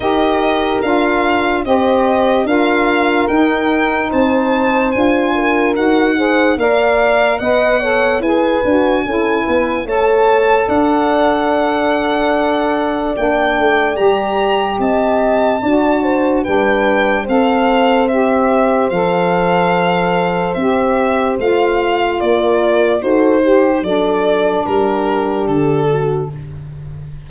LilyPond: <<
  \new Staff \with { instrumentName = "violin" } { \time 4/4 \tempo 4 = 73 dis''4 f''4 dis''4 f''4 | g''4 a''4 gis''4 fis''4 | f''4 fis''4 gis''2 | a''4 fis''2. |
g''4 ais''4 a''2 | g''4 f''4 e''4 f''4~ | f''4 e''4 f''4 d''4 | c''4 d''4 ais'4 a'4 | }
  \new Staff \with { instrumentName = "horn" } { \time 4/4 ais'2 c''4 ais'4~ | ais'4 c''4. ais'4 c''8 | d''4 dis''8 cis''8 b'4 a'8 b'8 | cis''4 d''2.~ |
d''2 dis''4 d''8 c''8 | b'4 c''2.~ | c''2. ais'4 | a'8 g'8 a'4 g'4. fis'8 | }
  \new Staff \with { instrumentName = "saxophone" } { \time 4/4 g'4 f'4 g'4 f'4 | dis'2 f'4 fis'8 gis'8 | ais'4 b'8 a'8 gis'8 fis'8 e'4 | a'1 |
d'4 g'2 fis'4 | d'4 a'4 g'4 a'4~ | a'4 g'4 f'2 | fis'8 g'8 d'2. | }
  \new Staff \with { instrumentName = "tuba" } { \time 4/4 dis'4 d'4 c'4 d'4 | dis'4 c'4 d'4 dis'4 | ais4 b4 e'8 d'8 cis'8 b8 | a4 d'2. |
ais8 a8 g4 c'4 d'4 | g4 c'2 f4~ | f4 c'4 a4 ais4 | dis'4 fis4 g4 d4 | }
>>